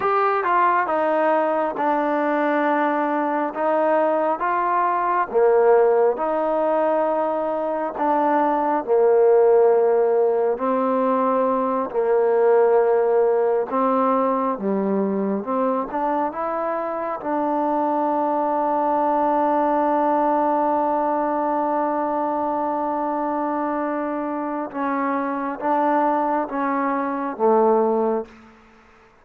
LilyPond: \new Staff \with { instrumentName = "trombone" } { \time 4/4 \tempo 4 = 68 g'8 f'8 dis'4 d'2 | dis'4 f'4 ais4 dis'4~ | dis'4 d'4 ais2 | c'4. ais2 c'8~ |
c'8 g4 c'8 d'8 e'4 d'8~ | d'1~ | d'1 | cis'4 d'4 cis'4 a4 | }